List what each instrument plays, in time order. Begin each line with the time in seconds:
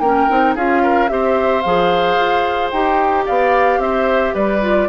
0.00 bassoon A#3, clarinet C#4, oboe A#4, flute G5
0.30 bassoon C4, clarinet D#4
0.56 bassoon C#4, clarinet F4, oboe G#4, flute F5
0.83 oboe A#4
1.08 bassoon C4, clarinet G4, oboe C5, flute E5
1.62 bassoon F3, clarinet G#4, flute F5
2.16 bassoon F4
2.71 bassoon D#4, clarinet G4, flute G5
3.25 bassoon B3, oboe D5, flute F5
3.79 bassoon C4, oboe C5, flute E5
4.34 bassoon G3, oboe B4, flute D5
4.62 clarinet F4